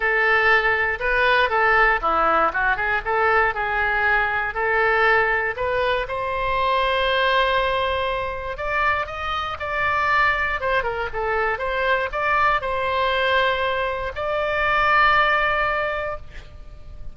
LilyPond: \new Staff \with { instrumentName = "oboe" } { \time 4/4 \tempo 4 = 119 a'2 b'4 a'4 | e'4 fis'8 gis'8 a'4 gis'4~ | gis'4 a'2 b'4 | c''1~ |
c''4 d''4 dis''4 d''4~ | d''4 c''8 ais'8 a'4 c''4 | d''4 c''2. | d''1 | }